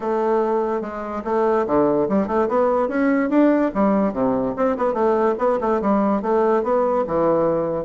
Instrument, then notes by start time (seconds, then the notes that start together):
bassoon
0.00 A3
0.81 G#3
1.24 A3
1.66 D3
2.08 G3
2.27 A3
2.48 B3
2.88 C#4
3.29 D4
3.74 G3
4.13 C3
4.56 C4
4.77 B3
4.93 A3
5.38 B3
5.60 A3
5.81 G3
6.22 A3
6.63 B3
7.07 E3